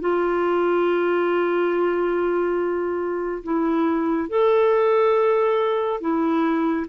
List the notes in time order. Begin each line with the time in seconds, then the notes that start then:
0.00 F4
3.44 E4
4.29 A4
6.00 E4